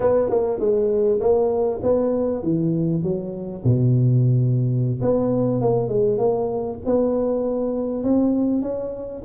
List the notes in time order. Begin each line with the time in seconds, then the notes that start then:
0.00 B3
0.29 A#3
0.59 G#3
1.20 A#3
1.83 B3
2.42 E3
3.02 F#3
3.64 B2
5.01 B3
5.61 A#3
5.88 G#3
6.17 A#3
6.85 B3
8.03 C4
8.62 C#4